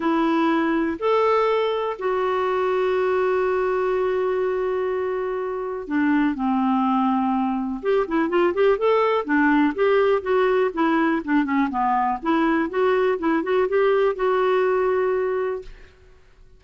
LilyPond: \new Staff \with { instrumentName = "clarinet" } { \time 4/4 \tempo 4 = 123 e'2 a'2 | fis'1~ | fis'1 | d'4 c'2. |
g'8 e'8 f'8 g'8 a'4 d'4 | g'4 fis'4 e'4 d'8 cis'8 | b4 e'4 fis'4 e'8 fis'8 | g'4 fis'2. | }